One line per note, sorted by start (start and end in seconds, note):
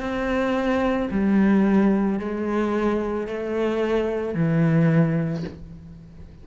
0.00 1.09 C4
1.11 2.19 G3
2.19 3.27 G#3
3.27 4.34 A3
4.34 5.43 E3